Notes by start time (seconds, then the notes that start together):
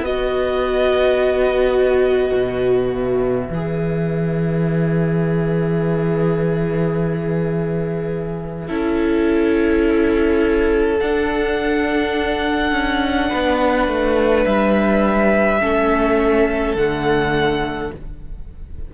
0.00 B3 F#4 B4 D#5
2.33 B2
2.93 E5
3.50 E3 G#4
8.67 C#4 E4 A4
11.00 D4 F#5
12.72 C#4
13.29 B3 B4
13.87 A3
14.45 G3 E5
15.60 A3 C#4 A4
16.75 D3 A3 F#5